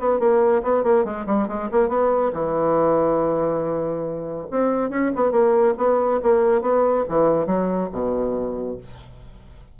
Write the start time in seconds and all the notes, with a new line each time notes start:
0.00 B3
0.20 A#3
0.63 B3
0.84 A#3
1.05 G#3
1.27 G3
1.48 G#3
1.72 A#3
1.89 B3
2.33 E3
4.51 C4
4.90 C#4
5.16 B3
5.32 A#3
5.78 B3
6.23 A#3
6.62 B3
7.09 E3
7.46 F#3
7.92 B2